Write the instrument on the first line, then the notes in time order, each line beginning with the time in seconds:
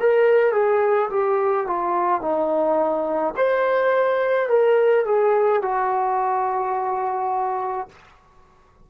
trombone
0.00 A#4
0.52 G#4
1.10 G4
1.66 F4
2.21 D#4
3.36 C5
4.49 A#4
5.05 G#4
5.62 F#4